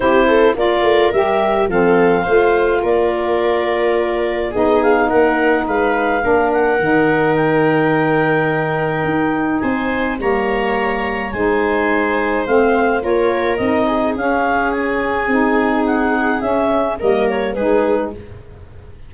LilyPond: <<
  \new Staff \with { instrumentName = "clarinet" } { \time 4/4 \tempo 4 = 106 c''4 d''4 e''4 f''4~ | f''4 d''2. | dis''8 f''8 fis''4 f''4. fis''8~ | fis''4 g''2.~ |
g''4 gis''4 ais''2 | gis''2 f''4 cis''4 | dis''4 f''4 gis''2 | fis''4 e''4 dis''8 cis''8 b'4 | }
  \new Staff \with { instrumentName = "viola" } { \time 4/4 g'8 a'8 ais'2 a'4 | c''4 ais'2. | gis'4 ais'4 b'4 ais'4~ | ais'1~ |
ais'4 c''4 cis''2 | c''2. ais'4~ | ais'8 gis'2.~ gis'8~ | gis'2 ais'4 gis'4 | }
  \new Staff \with { instrumentName = "saxophone" } { \time 4/4 e'4 f'4 g'4 c'4 | f'1 | dis'2. d'4 | dis'1~ |
dis'2 ais2 | dis'2 c'4 f'4 | dis'4 cis'2 dis'4~ | dis'4 cis'4 ais4 dis'4 | }
  \new Staff \with { instrumentName = "tuba" } { \time 4/4 c'4 ais8 a8 g4 f4 | a4 ais2. | b4 ais4 gis4 ais4 | dis1 |
dis'4 c'4 g2 | gis2 a4 ais4 | c'4 cis'2 c'4~ | c'4 cis'4 g4 gis4 | }
>>